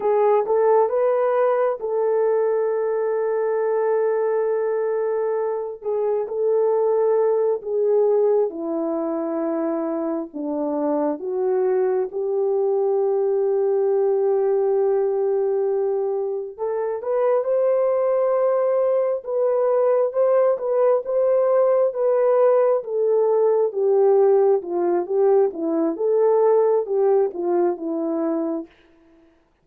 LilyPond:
\new Staff \with { instrumentName = "horn" } { \time 4/4 \tempo 4 = 67 gis'8 a'8 b'4 a'2~ | a'2~ a'8 gis'8 a'4~ | a'8 gis'4 e'2 d'8~ | d'8 fis'4 g'2~ g'8~ |
g'2~ g'8 a'8 b'8 c''8~ | c''4. b'4 c''8 b'8 c''8~ | c''8 b'4 a'4 g'4 f'8 | g'8 e'8 a'4 g'8 f'8 e'4 | }